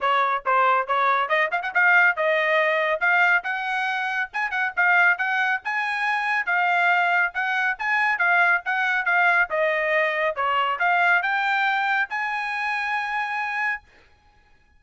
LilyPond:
\new Staff \with { instrumentName = "trumpet" } { \time 4/4 \tempo 4 = 139 cis''4 c''4 cis''4 dis''8 f''16 fis''16 | f''4 dis''2 f''4 | fis''2 gis''8 fis''8 f''4 | fis''4 gis''2 f''4~ |
f''4 fis''4 gis''4 f''4 | fis''4 f''4 dis''2 | cis''4 f''4 g''2 | gis''1 | }